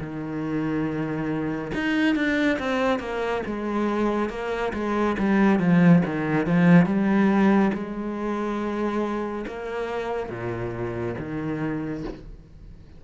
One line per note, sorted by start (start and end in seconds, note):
0.00 1.71 D#3
1.74 2.15 D#4
2.15 2.58 D4
2.59 2.99 C4
2.99 3.42 A#3
3.46 4.29 G#3
4.29 4.72 A#3
4.73 5.16 G#3
5.19 5.59 G3
5.59 6.02 F3
6.05 6.46 D#3
6.46 6.85 F3
6.85 7.71 G3
7.73 9.45 G#3
9.47 10.29 A#3
10.29 11.15 A#2
11.18 12.04 D#3